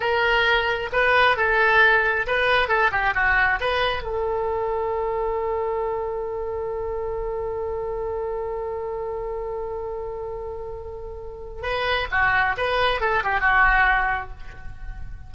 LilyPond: \new Staff \with { instrumentName = "oboe" } { \time 4/4 \tempo 4 = 134 ais'2 b'4 a'4~ | a'4 b'4 a'8 g'8 fis'4 | b'4 a'2.~ | a'1~ |
a'1~ | a'1~ | a'2 b'4 fis'4 | b'4 a'8 g'8 fis'2 | }